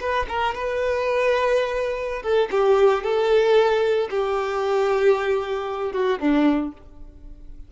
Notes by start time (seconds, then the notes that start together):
0.00 B4
0.28 A#4
0.54 B4
2.22 A4
2.51 G4
3.03 A4
4.10 G4
5.93 F#4
6.20 D4